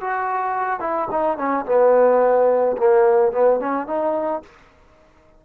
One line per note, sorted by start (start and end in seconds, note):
0.00 0.80 F#4
0.80 1.08 E4
1.11 1.37 D#4
1.37 1.65 C#4
1.65 2.76 B3
2.77 3.32 A#3
3.32 3.60 B3
3.60 3.87 C#4
3.87 4.42 D#4